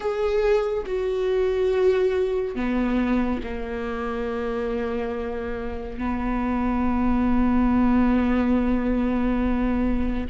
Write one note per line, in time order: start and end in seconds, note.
0.00 0.83 G#4
0.86 2.55 F#4
2.55 3.41 B3
3.43 5.98 A#3
5.98 10.27 B3